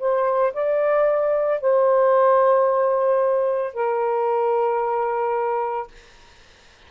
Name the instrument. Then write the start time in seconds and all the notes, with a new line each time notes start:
saxophone
0.00 C5
0.54 D5
1.61 C5
3.74 A#4